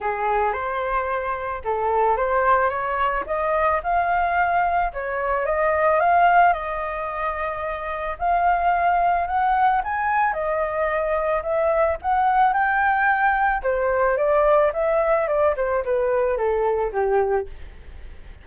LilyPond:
\new Staff \with { instrumentName = "flute" } { \time 4/4 \tempo 4 = 110 gis'4 c''2 a'4 | c''4 cis''4 dis''4 f''4~ | f''4 cis''4 dis''4 f''4 | dis''2. f''4~ |
f''4 fis''4 gis''4 dis''4~ | dis''4 e''4 fis''4 g''4~ | g''4 c''4 d''4 e''4 | d''8 c''8 b'4 a'4 g'4 | }